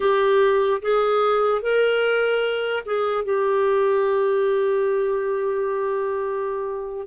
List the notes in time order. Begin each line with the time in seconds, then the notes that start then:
0.00 G4
0.81 G#4
1.61 A#4
2.85 G#4
3.24 G4